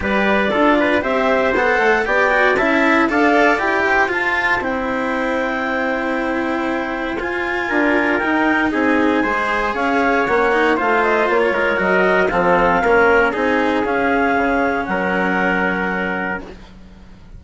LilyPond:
<<
  \new Staff \with { instrumentName = "clarinet" } { \time 4/4 \tempo 4 = 117 d''2 e''4 fis''4 | g''4 a''4 f''4 g''4 | a''4 g''2.~ | g''2 gis''2 |
g''4 gis''2 f''4 | fis''4 f''8 dis''8 cis''4 dis''4 | f''2 gis''4 f''4~ | f''4 fis''2. | }
  \new Staff \with { instrumentName = "trumpet" } { \time 4/4 b'4 a'8 b'8 c''2 | d''4 e''4 d''4. c''8~ | c''1~ | c''2. ais'4~ |
ais'4 gis'4 c''4 cis''4~ | cis''4 c''4~ c''16 cis''16 ais'4. | a'4 ais'4 gis'2~ | gis'4 ais'2. | }
  \new Staff \with { instrumentName = "cello" } { \time 4/4 g'4 f'4 g'4 a'4 | g'8 fis'8 e'4 a'4 g'4 | f'4 e'2.~ | e'2 f'2 |
dis'2 gis'2 | cis'8 dis'8 f'2 fis'4 | c'4 cis'4 dis'4 cis'4~ | cis'1 | }
  \new Staff \with { instrumentName = "bassoon" } { \time 4/4 g4 d'4 c'4 b8 a8 | b4 cis'4 d'4 e'4 | f'4 c'2.~ | c'2 f'4 d'4 |
dis'4 c'4 gis4 cis'4 | ais4 a4 ais8 gis8 fis4 | f4 ais4 c'4 cis'4 | cis4 fis2. | }
>>